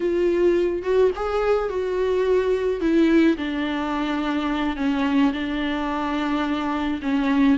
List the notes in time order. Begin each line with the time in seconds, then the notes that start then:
0.00 F4
0.82 F#4
1.15 G#4
1.69 F#4
2.80 E4
3.37 D4
4.76 C#4
5.32 D4
7.01 C#4